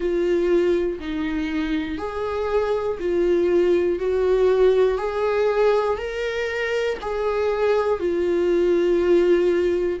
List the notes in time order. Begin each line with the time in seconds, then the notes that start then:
0.00 F4
0.99 D#4
1.98 G#4
3.00 F4
3.99 F#4
4.98 G#4
5.97 A#4
7.00 G#4
7.99 F4